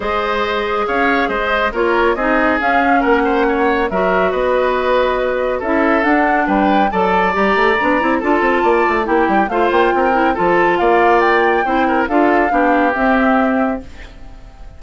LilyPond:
<<
  \new Staff \with { instrumentName = "flute" } { \time 4/4 \tempo 4 = 139 dis''2 f''4 dis''4 | cis''4 dis''4 f''4 fis''4~ | fis''4 e''4 dis''2~ | dis''4 e''4 fis''4 g''4 |
a''4 ais''2 a''4~ | a''4 g''4 f''8 g''4. | a''4 f''4 g''2 | f''2 e''2 | }
  \new Staff \with { instrumentName = "oboe" } { \time 4/4 c''2 cis''4 c''4 | ais'4 gis'2 ais'8 c''8 | cis''4 ais'4 b'2~ | b'4 a'2 b'4 |
d''2. a'4 | d''4 g'4 c''4 ais'4 | a'4 d''2 c''8 ais'8 | a'4 g'2. | }
  \new Staff \with { instrumentName = "clarinet" } { \time 4/4 gis'1 | f'4 dis'4 cis'2~ | cis'4 fis'2.~ | fis'4 e'4 d'2 |
a'4 g'4 d'8 e'8 f'4~ | f'4 e'4 f'4. e'8 | f'2. e'4 | f'4 d'4 c'2 | }
  \new Staff \with { instrumentName = "bassoon" } { \time 4/4 gis2 cis'4 gis4 | ais4 c'4 cis'4 ais4~ | ais4 fis4 b2~ | b4 cis'4 d'4 g4 |
fis4 g8 a8 b8 c'8 d'8 c'8 | ais8 a8 ais8 g8 a8 ais8 c'4 | f4 ais2 c'4 | d'4 b4 c'2 | }
>>